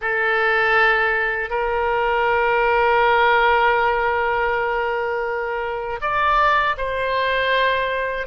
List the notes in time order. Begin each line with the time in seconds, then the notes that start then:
0.01 A4
1.50 A#4
6.01 D5
6.77 C5